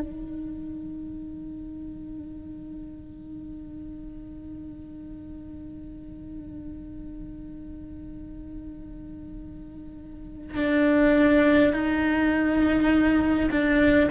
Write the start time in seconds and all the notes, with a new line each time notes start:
0.00 D#4
10.57 D4
11.73 D#4
13.51 D4